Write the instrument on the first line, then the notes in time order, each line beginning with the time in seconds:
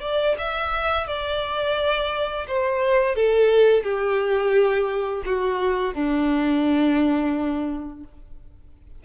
violin
0.00 D5
0.38 E5
1.07 D5
2.47 C5
3.15 A4
3.83 G4
5.25 F#4
5.94 D4